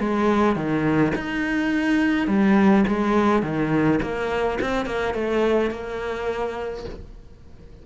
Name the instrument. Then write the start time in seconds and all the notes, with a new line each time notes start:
cello
0.00 G#3
0.56 D#3
1.16 D#4
2.28 G3
2.88 G#3
3.43 D#3
4.03 A#3
4.62 C4
4.86 A#3
5.15 A3
5.71 A#3